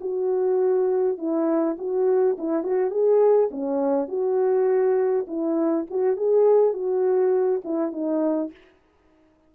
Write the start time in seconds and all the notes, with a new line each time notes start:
0.00 F#4
1.18 E4
1.78 F#4
2.38 E4
2.63 F#4
2.90 G#4
3.51 C#4
4.07 F#4
5.27 E4
5.90 F#4
6.16 G#4
6.73 F#4
7.64 E4
7.92 D#4